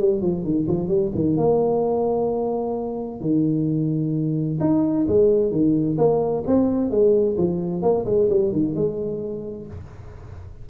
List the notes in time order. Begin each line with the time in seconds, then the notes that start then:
0.00 G3
0.21 F3
0.44 D#3
0.68 F3
0.88 G3
1.15 D#3
1.37 A#3
3.21 D#3
4.60 D#4
5.08 G#3
5.51 D#3
5.98 A#3
6.47 C4
6.91 G#3
7.38 F3
7.82 A#3
8.06 G#3
8.30 G3
8.52 D#3
8.75 G#3